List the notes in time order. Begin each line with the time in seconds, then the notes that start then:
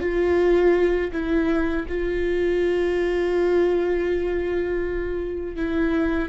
0.00 F4
1.12 E4
1.88 F4
5.56 E4